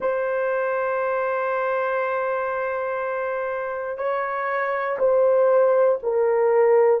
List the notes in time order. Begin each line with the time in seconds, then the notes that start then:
0.00 C5
3.97 C#5
4.98 C5
6.02 A#4